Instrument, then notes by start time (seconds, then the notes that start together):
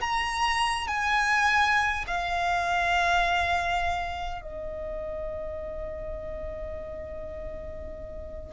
violin
0.00 A#5
0.88 G#5
2.07 F5
4.41 D#5